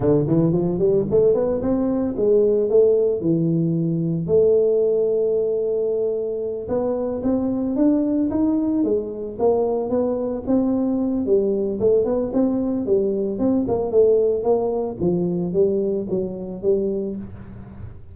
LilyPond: \new Staff \with { instrumentName = "tuba" } { \time 4/4 \tempo 4 = 112 d8 e8 f8 g8 a8 b8 c'4 | gis4 a4 e2 | a1~ | a8 b4 c'4 d'4 dis'8~ |
dis'8 gis4 ais4 b4 c'8~ | c'4 g4 a8 b8 c'4 | g4 c'8 ais8 a4 ais4 | f4 g4 fis4 g4 | }